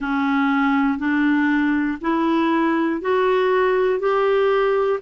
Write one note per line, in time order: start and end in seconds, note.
0.00 0.98 C#4
0.98 1.98 D4
2.00 3.00 E4
3.01 4.00 F#4
4.00 5.00 G4